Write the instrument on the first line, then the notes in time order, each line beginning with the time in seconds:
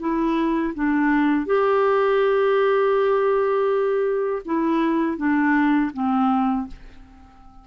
clarinet
0.00 E4
0.75 D4
1.46 G4
4.45 E4
5.18 D4
5.94 C4